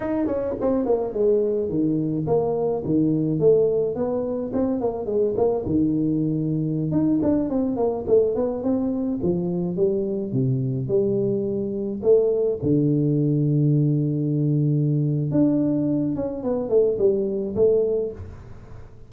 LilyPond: \new Staff \with { instrumentName = "tuba" } { \time 4/4 \tempo 4 = 106 dis'8 cis'8 c'8 ais8 gis4 dis4 | ais4 dis4 a4 b4 | c'8 ais8 gis8 ais8 dis2~ | dis16 dis'8 d'8 c'8 ais8 a8 b8 c'8.~ |
c'16 f4 g4 c4 g8.~ | g4~ g16 a4 d4.~ d16~ | d2. d'4~ | d'8 cis'8 b8 a8 g4 a4 | }